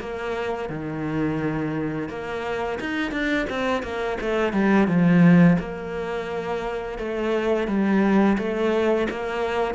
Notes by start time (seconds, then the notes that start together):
0.00 A#3
0.69 D#3
2.09 A#3
2.80 D#4
3.11 D4
3.49 C4
3.82 A#3
4.21 A3
4.53 G3
4.87 F3
5.59 A#3
6.98 A3
7.67 G3
8.38 A3
9.10 A#3